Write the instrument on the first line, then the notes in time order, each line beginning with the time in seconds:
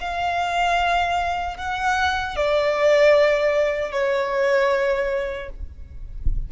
violin
0.00 F5
1.57 F#5
2.36 D5
3.92 C#5